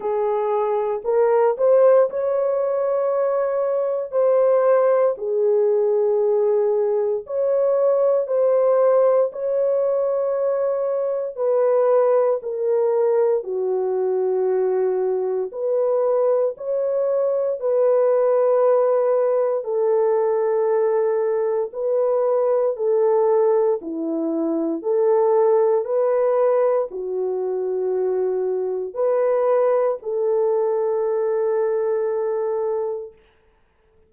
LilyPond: \new Staff \with { instrumentName = "horn" } { \time 4/4 \tempo 4 = 58 gis'4 ais'8 c''8 cis''2 | c''4 gis'2 cis''4 | c''4 cis''2 b'4 | ais'4 fis'2 b'4 |
cis''4 b'2 a'4~ | a'4 b'4 a'4 e'4 | a'4 b'4 fis'2 | b'4 a'2. | }